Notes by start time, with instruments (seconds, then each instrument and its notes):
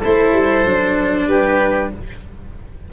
0.00 tuba A3, cello E4, oboe A4, violin C5
0.33 tuba G3
0.65 tuba F#3, cello D4
1.27 tuba G3, oboe G4, violin B4